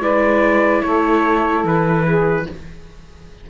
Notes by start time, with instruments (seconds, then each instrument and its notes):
0.00 cello G#3, viola E4, saxophone B4, trumpet D5
0.82 cello A3, saxophone A4, trumpet C#5
1.64 cello E3, trumpet B4
2.05 saxophone G#4